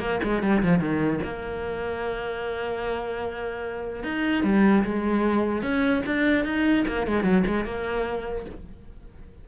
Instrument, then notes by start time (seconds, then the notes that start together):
cello
0.00 A#3
0.24 G#3
0.43 G3
0.63 F3
0.80 D#3
1.24 A#3
4.04 D#4
4.44 G3
4.85 G#3
5.63 C#4
6.06 D4
6.45 D#4
6.88 A#3
7.07 G#3
7.24 F#3
7.48 G#3
7.65 A#3